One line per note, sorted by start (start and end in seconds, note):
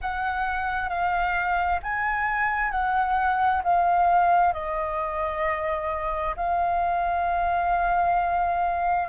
0.01 0.89 F#5
0.89 1.80 F5
1.83 2.71 G#5
2.71 3.62 F#5
3.63 4.53 F5
4.53 6.35 D#5
6.36 9.08 F5